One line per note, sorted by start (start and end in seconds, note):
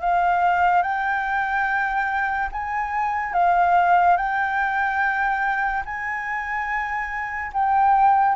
0.00 0.82 F5
0.82 2.49 G5
2.52 3.33 G#5
3.33 4.16 F5
4.16 5.83 G5
5.85 7.52 G#5
7.53 8.35 G5